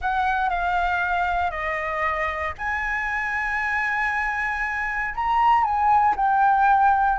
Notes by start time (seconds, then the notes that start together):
0.01 F#5
0.49 F5
1.51 D#5
2.58 G#5
5.14 A#5
5.63 G#5
6.16 G5